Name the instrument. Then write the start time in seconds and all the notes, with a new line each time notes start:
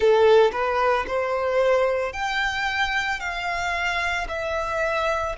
violin
0.00 A4
0.52 B4
1.07 C5
2.12 G5
3.19 F5
4.28 E5